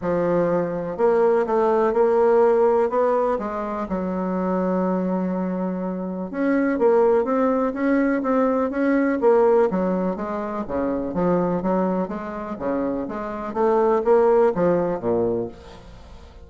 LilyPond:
\new Staff \with { instrumentName = "bassoon" } { \time 4/4 \tempo 4 = 124 f2 ais4 a4 | ais2 b4 gis4 | fis1~ | fis4 cis'4 ais4 c'4 |
cis'4 c'4 cis'4 ais4 | fis4 gis4 cis4 f4 | fis4 gis4 cis4 gis4 | a4 ais4 f4 ais,4 | }